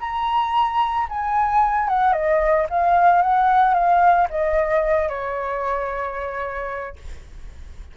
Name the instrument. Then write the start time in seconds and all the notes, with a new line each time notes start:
flute
0.00 A#5
1.09 G#5
1.88 F#5
2.13 D#5
2.69 F5
3.22 F#5
3.74 F5
4.30 D#5
5.08 C#5